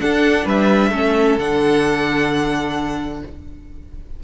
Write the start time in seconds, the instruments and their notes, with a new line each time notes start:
0.00 viola D4, cello D4, violin A4 F#5
0.45 cello G3, violin B4 E5
0.89 cello A3, viola C#4, violin A4
1.38 cello D3, viola D4, violin F#5